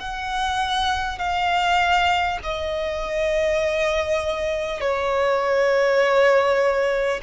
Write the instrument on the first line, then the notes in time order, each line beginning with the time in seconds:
violin
0.00 F#5
1.18 F5
2.43 D#5
4.81 C#5